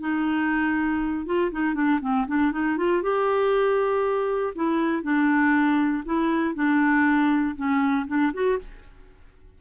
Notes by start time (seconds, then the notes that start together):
0.00 D#4
1.26 F4
1.52 D#4
1.75 D4
2.01 C4
2.28 D4
2.52 D#4
2.78 F4
3.03 G4
4.56 E4
5.03 D4
6.05 E4
6.55 D4
7.56 C#4
8.08 D4
8.33 F#4